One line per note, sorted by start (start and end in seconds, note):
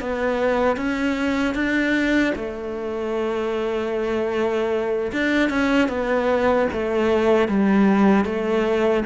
0.00 0.76 B3
0.76 1.54 C#4
1.54 2.33 D4
2.35 5.12 A3
5.12 5.49 D4
5.49 5.89 C#4
5.89 6.67 B3
6.72 7.48 A3
7.48 8.25 G3
8.25 9.04 A3